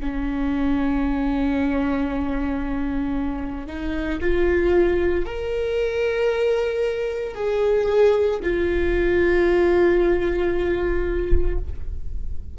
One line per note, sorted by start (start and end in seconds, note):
0.00 3.67 C#4
3.67 4.20 D#4
4.21 5.26 F4
5.26 7.35 A#4
7.35 8.40 G#4
8.43 11.59 F4